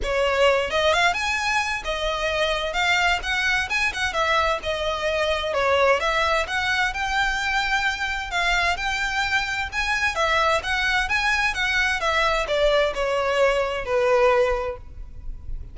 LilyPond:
\new Staff \with { instrumentName = "violin" } { \time 4/4 \tempo 4 = 130 cis''4. dis''8 f''8 gis''4. | dis''2 f''4 fis''4 | gis''8 fis''8 e''4 dis''2 | cis''4 e''4 fis''4 g''4~ |
g''2 f''4 g''4~ | g''4 gis''4 e''4 fis''4 | gis''4 fis''4 e''4 d''4 | cis''2 b'2 | }